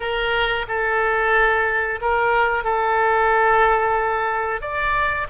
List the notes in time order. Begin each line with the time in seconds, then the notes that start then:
0.00 A#4
0.68 A4
2.01 A#4
2.64 A4
4.61 D5